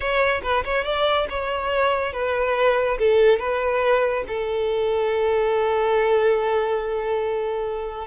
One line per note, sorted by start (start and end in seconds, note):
0.00 0.41 C#5
0.43 0.64 B4
0.64 0.84 C#5
0.84 1.27 D5
1.29 2.13 C#5
2.13 2.98 B4
2.98 3.39 A4
3.39 4.24 B4
4.27 8.07 A4